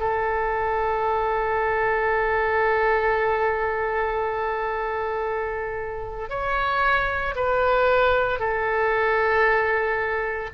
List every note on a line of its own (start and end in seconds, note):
0.00 6.29 A4
6.29 7.34 C#5
7.36 8.39 B4
8.39 10.50 A4